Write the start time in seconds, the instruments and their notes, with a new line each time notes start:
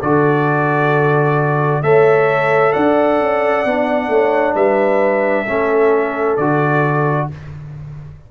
0.00 tuba D3, trombone F#4, horn A4, trumpet D5
1.83 tuba A3, trombone A4, horn C#5, trumpet E5
2.73 tuba D4, horn D5, trumpet F#5
3.21 tuba C#4
3.66 tuba B3, trombone D4
4.09 tuba A3, horn C#5
4.55 tuba G3, horn B4, trumpet E5
5.46 tuba A3, trombone C#4, horn A4
6.37 tuba D3, trombone F#4, trumpet D5